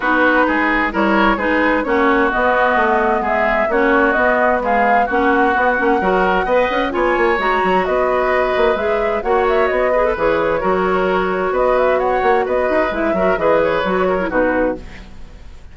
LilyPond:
<<
  \new Staff \with { instrumentName = "flute" } { \time 4/4 \tempo 4 = 130 b'2 cis''4 b'4 | cis''4 dis''2 e''4 | cis''4 dis''4 f''4 fis''4~ | fis''2. gis''4 |
ais''4 dis''2 e''4 | fis''8 e''8 dis''4 cis''2~ | cis''4 dis''8 e''8 fis''4 dis''4 | e''4 dis''8 cis''4. b'4 | }
  \new Staff \with { instrumentName = "oboe" } { \time 4/4 fis'4 gis'4 ais'4 gis'4 | fis'2. gis'4 | fis'2 gis'4 fis'4~ | fis'4 ais'4 dis''4 cis''4~ |
cis''4 b'2. | cis''4. b'4. ais'4~ | ais'4 b'4 cis''4 b'4~ | b'8 ais'8 b'4. ais'8 fis'4 | }
  \new Staff \with { instrumentName = "clarinet" } { \time 4/4 dis'2 e'4 dis'4 | cis'4 b2. | cis'4 b4 gis4 cis'4 | b8 cis'8 fis'4 b'4 f'4 |
fis'2. gis'4 | fis'4. gis'16 a'16 gis'4 fis'4~ | fis'1 | e'8 fis'8 gis'4 fis'8. e'16 dis'4 | }
  \new Staff \with { instrumentName = "bassoon" } { \time 4/4 b4 gis4 g4 gis4 | ais4 b4 a4 gis4 | ais4 b2 ais4 | b8 ais8 fis4 b8 cis'8 b8 ais8 |
gis8 fis8 b4. ais8 gis4 | ais4 b4 e4 fis4~ | fis4 b4. ais8 b8 dis'8 | gis8 fis8 e4 fis4 b,4 | }
>>